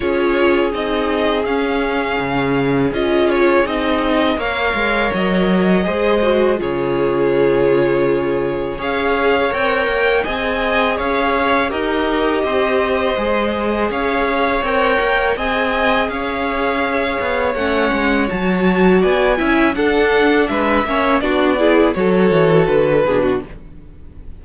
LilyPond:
<<
  \new Staff \with { instrumentName = "violin" } { \time 4/4 \tempo 4 = 82 cis''4 dis''4 f''2 | dis''8 cis''8 dis''4 f''4 dis''4~ | dis''4 cis''2. | f''4 g''4 gis''4 f''4 |
dis''2. f''4 | g''4 gis''4 f''2 | fis''4 a''4 gis''4 fis''4 | e''4 d''4 cis''4 b'4 | }
  \new Staff \with { instrumentName = "violin" } { \time 4/4 gis'1~ | gis'2 cis''2 | c''4 gis'2. | cis''2 dis''4 cis''4 |
ais'4 c''2 cis''4~ | cis''4 dis''4 cis''2~ | cis''2 d''8 e''8 a'4 | b'8 cis''8 fis'8 gis'8 a'4. gis'16 fis'16 | }
  \new Staff \with { instrumentName = "viola" } { \time 4/4 f'4 dis'4 cis'2 | f'4 dis'4 ais'2 | gis'8 fis'8 f'2. | gis'4 ais'4 gis'2 |
g'2 gis'2 | ais'4 gis'2. | cis'4 fis'4. e'8 d'4~ | d'8 cis'8 d'8 e'8 fis'4. d'8 | }
  \new Staff \with { instrumentName = "cello" } { \time 4/4 cis'4 c'4 cis'4 cis4 | cis'4 c'4 ais8 gis8 fis4 | gis4 cis2. | cis'4 c'8 ais8 c'4 cis'4 |
dis'4 c'4 gis4 cis'4 | c'8 ais8 c'4 cis'4. b8 | a8 gis8 fis4 b8 cis'8 d'4 | gis8 ais8 b4 fis8 e8 d8 b,8 | }
>>